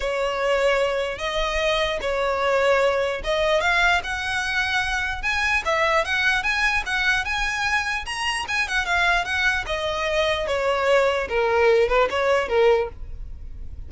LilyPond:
\new Staff \with { instrumentName = "violin" } { \time 4/4 \tempo 4 = 149 cis''2. dis''4~ | dis''4 cis''2. | dis''4 f''4 fis''2~ | fis''4 gis''4 e''4 fis''4 |
gis''4 fis''4 gis''2 | ais''4 gis''8 fis''8 f''4 fis''4 | dis''2 cis''2 | ais'4. b'8 cis''4 ais'4 | }